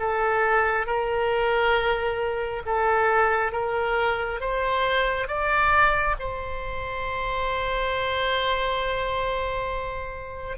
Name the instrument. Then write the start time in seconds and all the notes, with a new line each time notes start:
oboe
0.00 A4
0.87 A#4
2.66 A4
3.53 A#4
4.41 C5
5.28 D5
6.20 C5